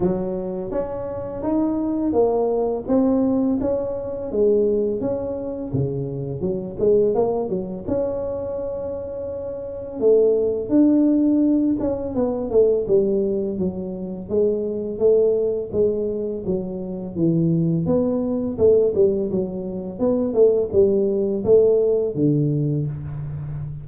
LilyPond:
\new Staff \with { instrumentName = "tuba" } { \time 4/4 \tempo 4 = 84 fis4 cis'4 dis'4 ais4 | c'4 cis'4 gis4 cis'4 | cis4 fis8 gis8 ais8 fis8 cis'4~ | cis'2 a4 d'4~ |
d'8 cis'8 b8 a8 g4 fis4 | gis4 a4 gis4 fis4 | e4 b4 a8 g8 fis4 | b8 a8 g4 a4 d4 | }